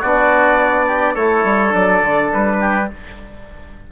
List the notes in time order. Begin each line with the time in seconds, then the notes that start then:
0.00 B3 D4 F#4 D5
0.87 G4
1.14 A3 E4 A4 C#5
1.44 G3
1.69 F#3 D4 D5
2.01 D3
2.33 G3 B4
2.60 G4